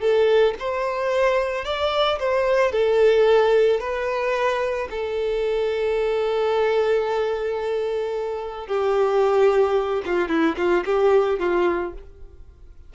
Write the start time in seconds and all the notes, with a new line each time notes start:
0.00 A4
0.59 C5
1.65 D5
2.19 C5
2.72 A4
3.80 B4
4.90 A4
8.67 G4
10.05 F4
10.28 E4
10.57 F4
10.85 G4
11.39 F4